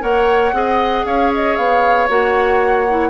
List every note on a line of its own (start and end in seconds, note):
0.00 0.53 A#3
0.00 0.52 A#4
0.00 0.54 C#5
0.00 1.06 F#5
0.53 1.04 C4
0.53 2.08 G#4
0.53 1.06 D#5
1.05 1.56 C#4
1.05 3.10 C#5
1.05 1.32 F5
1.34 1.56 D#5
1.56 2.09 B3
1.56 2.08 F5
2.09 3.10 A#3
2.09 2.86 F#4
2.09 3.10 F#5
2.90 3.10 E4